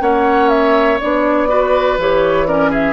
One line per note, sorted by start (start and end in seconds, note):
0.00 0.99 A#3
0.00 0.98 C#4
0.00 1.49 C#5
0.00 0.49 F#5
0.49 0.98 E5
1.00 1.98 B3
1.00 1.48 D4
1.00 1.99 D5
1.48 1.98 F#4
1.48 2.47 B4
1.98 2.93 E3
1.98 2.47 G4
1.98 2.47 C#5
2.47 2.93 C#4
2.47 2.70 A#4
2.47 2.71 D5
2.70 2.93 G#4
2.70 2.93 E5